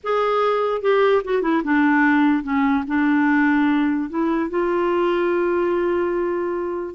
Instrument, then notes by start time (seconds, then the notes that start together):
clarinet
0.03 G#4
0.81 G4
1.24 F#4
1.42 E4
1.63 D4
2.43 C#4
2.87 D4
4.09 E4
4.50 F4